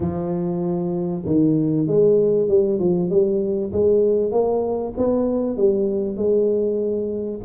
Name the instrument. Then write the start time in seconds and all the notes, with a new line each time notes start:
tuba
0.00 F3
1.25 D#3
1.87 G#3
2.48 G3
2.79 F3
3.10 G3
3.72 G#3
4.31 A#3
4.97 B3
5.56 G3
6.16 G#3